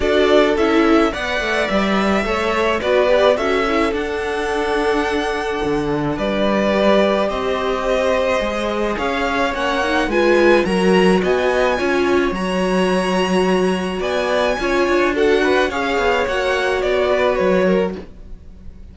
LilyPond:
<<
  \new Staff \with { instrumentName = "violin" } { \time 4/4 \tempo 4 = 107 d''4 e''4 fis''4 e''4~ | e''4 d''4 e''4 fis''4~ | fis''2. d''4~ | d''4 dis''2. |
f''4 fis''4 gis''4 ais''4 | gis''2 ais''2~ | ais''4 gis''2 fis''4 | f''4 fis''4 d''4 cis''4 | }
  \new Staff \with { instrumentName = "violin" } { \time 4/4 a'2 d''2 | cis''4 b'4 a'2~ | a'2. b'4~ | b'4 c''2. |
cis''2 b'4 ais'4 | dis''4 cis''2.~ | cis''4 d''4 cis''4 a'8 b'8 | cis''2~ cis''8 b'4 ais'8 | }
  \new Staff \with { instrumentName = "viola" } { \time 4/4 fis'4 e'4 b'2 | a'4 fis'8 g'8 fis'8 e'8 d'4~ | d'1 | g'2. gis'4~ |
gis'4 cis'8 dis'8 f'4 fis'4~ | fis'4 f'4 fis'2~ | fis'2 f'4 fis'4 | gis'4 fis'2. | }
  \new Staff \with { instrumentName = "cello" } { \time 4/4 d'4 cis'4 b8 a8 g4 | a4 b4 cis'4 d'4~ | d'2 d4 g4~ | g4 c'2 gis4 |
cis'4 ais4 gis4 fis4 | b4 cis'4 fis2~ | fis4 b4 cis'8 d'4. | cis'8 b8 ais4 b4 fis4 | }
>>